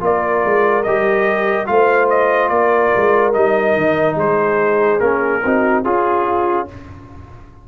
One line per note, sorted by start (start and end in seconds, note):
0.00 0.43 A#3
0.00 0.83 F4
0.00 1.70 A#4
0.00 0.83 D5
0.44 0.86 G#3
0.83 1.69 G3
0.83 1.66 G4
0.83 1.66 D#5
1.66 2.50 A3
1.66 3.33 F4
1.66 2.52 C5
1.66 2.08 F5
2.09 2.48 D#5
2.48 2.91 A#3
2.48 4.16 A#4
2.48 3.32 D5
2.96 3.35 G#3
3.33 3.76 G3
3.33 5.00 D#4
3.33 4.17 D#5
3.76 4.16 D#3
4.16 4.99 G#3
4.16 5.41 G#4
4.16 5.00 C5
5.00 5.41 A#3
5.00 5.42 C#4
5.00 5.83 A#4
5.43 5.84 C4
5.43 5.84 D#4
5.43 5.84 F#4
5.84 6.67 C#4
5.84 6.68 F4
5.84 6.68 G#4